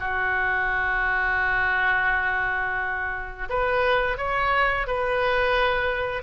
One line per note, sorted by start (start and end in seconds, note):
0.00 3.49 F#4
3.49 4.18 B4
4.18 4.87 C#5
4.87 6.23 B4